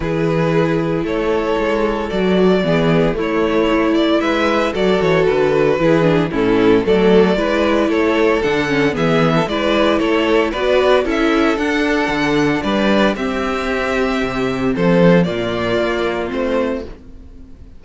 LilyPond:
<<
  \new Staff \with { instrumentName = "violin" } { \time 4/4 \tempo 4 = 114 b'2 cis''2 | d''2 cis''4. d''8 | e''4 d''8 cis''8 b'2 | a'4 d''2 cis''4 |
fis''4 e''4 d''4 cis''4 | d''4 e''4 fis''2 | d''4 e''2. | c''4 d''2 c''4 | }
  \new Staff \with { instrumentName = "violin" } { \time 4/4 gis'2 a'2~ | a'4 gis'4 e'2 | b'4 a'2 gis'4 | e'4 a'4 b'4 a'4~ |
a'4 gis'8. a'16 b'4 a'4 | b'4 a'2. | b'4 g'2. | a'4 f'2. | }
  \new Staff \with { instrumentName = "viola" } { \time 4/4 e'1 | fis'4 b4 a4 e'4~ | e'4 fis'2 e'8 d'8 | cis'4 a4 e'2 |
d'8 cis'8 b4 e'2 | fis'4 e'4 d'2~ | d'4 c'2.~ | c'4 ais2 c'4 | }
  \new Staff \with { instrumentName = "cello" } { \time 4/4 e2 a4 gis4 | fis4 e4 a2 | gis4 fis8 e8 d4 e4 | a,4 fis4 gis4 a4 |
d4 e4 gis4 a4 | b4 cis'4 d'4 d4 | g4 c'2 c4 | f4 ais,4 ais4 a4 | }
>>